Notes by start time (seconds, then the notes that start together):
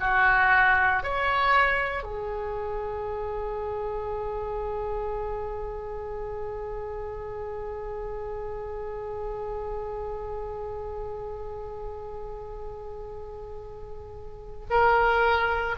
0.00 F#4
1.03 C#5
2.03 G#4
14.70 A#4